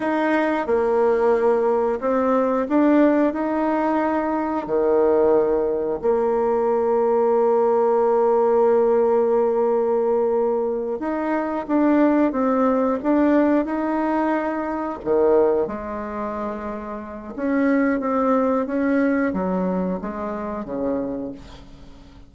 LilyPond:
\new Staff \with { instrumentName = "bassoon" } { \time 4/4 \tempo 4 = 90 dis'4 ais2 c'4 | d'4 dis'2 dis4~ | dis4 ais2.~ | ais1~ |
ais8 dis'4 d'4 c'4 d'8~ | d'8 dis'2 dis4 gis8~ | gis2 cis'4 c'4 | cis'4 fis4 gis4 cis4 | }